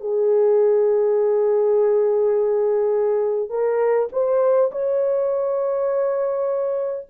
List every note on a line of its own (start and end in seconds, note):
0.00 3.49 G#4
3.49 4.08 A#4
4.12 4.71 C5
4.71 7.06 C#5